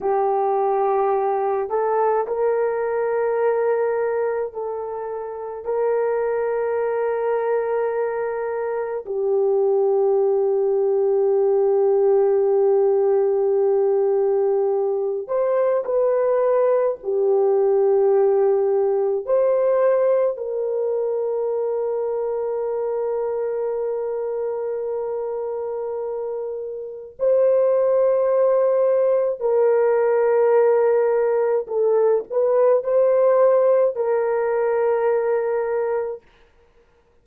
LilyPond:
\new Staff \with { instrumentName = "horn" } { \time 4/4 \tempo 4 = 53 g'4. a'8 ais'2 | a'4 ais'2. | g'1~ | g'4. c''8 b'4 g'4~ |
g'4 c''4 ais'2~ | ais'1 | c''2 ais'2 | a'8 b'8 c''4 ais'2 | }